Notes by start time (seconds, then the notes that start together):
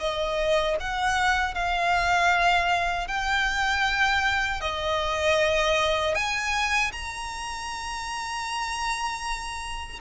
0.00 D#5
0.80 F#5
1.55 F5
3.08 G5
4.61 D#5
6.15 G#5
6.92 A#5